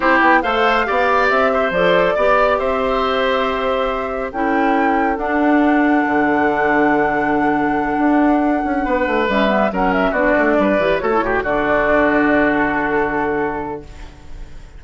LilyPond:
<<
  \new Staff \with { instrumentName = "flute" } { \time 4/4 \tempo 4 = 139 c''8 g''8 f''2 e''4 | d''2 e''2~ | e''2 g''2 | fis''1~ |
fis''1~ | fis''4. e''4 fis''8 e''8 d''8~ | d''4. cis''4 d''4.~ | d''4 a'2. | }
  \new Staff \with { instrumentName = "oboe" } { \time 4/4 g'4 c''4 d''4. c''8~ | c''4 d''4 c''2~ | c''2 a'2~ | a'1~ |
a'1~ | a'8 b'2 ais'4 fis'8~ | fis'8 b'4 a'8 g'8 fis'4.~ | fis'1 | }
  \new Staff \with { instrumentName = "clarinet" } { \time 4/4 e'4 a'4 g'2 | a'4 g'2.~ | g'2 e'2 | d'1~ |
d'1~ | d'4. cis'8 b8 cis'4 d'8~ | d'4 g'8 fis'16 e'16 fis'8 d'4.~ | d'1 | }
  \new Staff \with { instrumentName = "bassoon" } { \time 4/4 c'8 b8 a4 b4 c'4 | f4 b4 c'2~ | c'2 cis'2 | d'2 d2~ |
d2~ d8 d'4. | cis'8 b8 a8 g4 fis4 b8 | a8 g8 e8 a8 a,8 d4.~ | d1 | }
>>